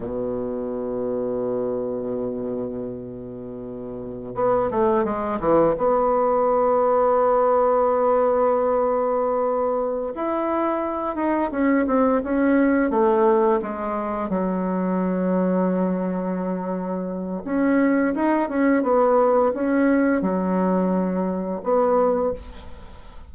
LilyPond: \new Staff \with { instrumentName = "bassoon" } { \time 4/4 \tempo 4 = 86 b,1~ | b,2~ b,16 b8 a8 gis8 e16~ | e16 b2.~ b8.~ | b2~ b8 e'4. |
dis'8 cis'8 c'8 cis'4 a4 gis8~ | gis8 fis2.~ fis8~ | fis4 cis'4 dis'8 cis'8 b4 | cis'4 fis2 b4 | }